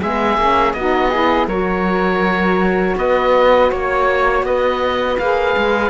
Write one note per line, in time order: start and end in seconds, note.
0.00 0.37 G#3
0.00 0.38 B3
0.00 0.74 G#4
0.00 0.73 E5
0.37 0.73 A#3
0.37 0.75 C#4
0.73 1.47 B3
0.73 1.12 D#4
0.73 1.09 F#4
0.73 1.47 D#5
1.09 1.49 E4
1.09 1.46 G#4
1.47 2.95 F#3
1.47 5.20 F#4
1.47 2.95 A#4
1.47 2.96 C#5
2.96 3.70 B3
2.96 3.71 B4
2.96 3.72 D#5
3.71 4.42 A#3
3.71 4.45 C#5
4.42 5.16 B3
4.42 5.90 B4
4.42 5.18 D#5
5.18 5.56 A#3
5.18 5.90 G#4
5.18 5.90 F5
5.56 5.90 G#3